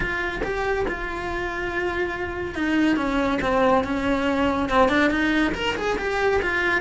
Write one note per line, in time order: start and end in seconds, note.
0.00 0.41 F4
0.43 0.86 G4
0.88 2.54 F4
2.54 2.96 D#4
2.96 3.39 C#4
3.41 3.84 C4
3.84 4.69 C#4
4.69 4.89 C4
4.89 5.10 D4
5.10 5.52 D#4
5.54 5.75 A#4
5.75 5.97 G#4
5.98 6.40 G4
6.41 6.81 F4